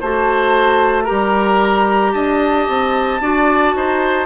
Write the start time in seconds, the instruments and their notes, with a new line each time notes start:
0.00 bassoon A3, clarinet F#4, oboe C5, flute A5
1.04 clarinet G4, oboe A#4, flute A#5
1.10 bassoon G3
2.12 bassoon D4, oboe D#5, flute A5
2.68 bassoon C4
3.20 bassoon D4, clarinet F#4, oboe D5
3.75 bassoon D#4, oboe C5